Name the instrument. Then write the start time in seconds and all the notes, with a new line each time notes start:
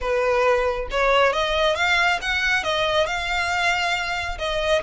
violin
0.00 B4
0.91 C#5
1.32 D#5
1.75 F5
2.21 F#5
2.63 D#5
3.06 F5
4.38 D#5